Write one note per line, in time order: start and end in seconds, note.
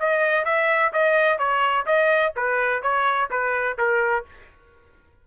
0.00 0.45 D#5
0.45 0.93 E5
0.93 1.39 D#5
1.39 1.86 C#5
1.86 2.33 D#5
2.36 2.83 B4
2.83 3.30 C#5
3.31 3.78 B4
3.78 4.26 A#4